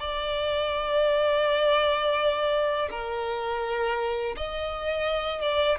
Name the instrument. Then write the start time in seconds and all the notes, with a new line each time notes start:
violin
0.00 D5
2.91 A#4
4.36 D#5
5.42 D5